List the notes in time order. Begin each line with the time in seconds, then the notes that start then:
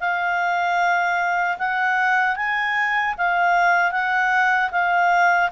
0.00 F5
1.58 F#5
2.36 G#5
3.18 F5
3.92 F#5
4.72 F5